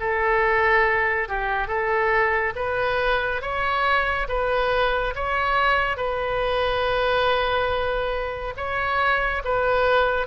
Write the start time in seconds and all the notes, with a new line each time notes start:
0.00 A4
1.28 G4
1.68 A4
2.56 B4
3.41 C#5
4.28 B4
5.15 C#5
5.97 B4
8.57 C#5
9.44 B4